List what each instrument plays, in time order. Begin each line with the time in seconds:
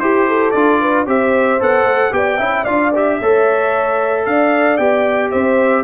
0.00 tuba E4, trombone G4, horn G4, trumpet C5
0.28 horn A4
0.51 tuba D4, trombone F4, trumpet D5
0.81 horn B4
1.06 tuba C4, trombone G4, horn C5, trumpet E5
1.60 tuba B3, trombone A4, trumpet F#5
1.84 tuba A3
2.12 tuba B3, trombone G4, horn D5, trumpet G5
2.38 tuba C#4, trombone E4, horn E5
2.64 tuba D4, trombone F4, horn D5, trumpet F5
2.95 trombone G4, trumpet E5
3.20 tuba A3, trombone A4, horn C#5
4.26 tuba D4, horn D5, trumpet F5
4.77 tuba B3, trombone G4, trumpet G5
5.31 tuba C4, horn C5, trumpet E5